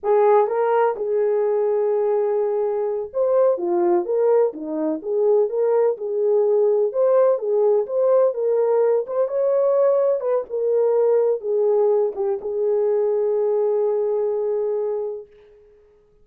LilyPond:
\new Staff \with { instrumentName = "horn" } { \time 4/4 \tempo 4 = 126 gis'4 ais'4 gis'2~ | gis'2~ gis'8 c''4 f'8~ | f'8 ais'4 dis'4 gis'4 ais'8~ | ais'8 gis'2 c''4 gis'8~ |
gis'8 c''4 ais'4. c''8 cis''8~ | cis''4. b'8 ais'2 | gis'4. g'8 gis'2~ | gis'1 | }